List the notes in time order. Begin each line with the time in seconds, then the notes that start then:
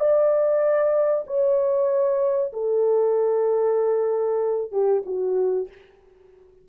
0.00 D5
1.27 C#5
2.53 A4
4.72 G4
5.06 F#4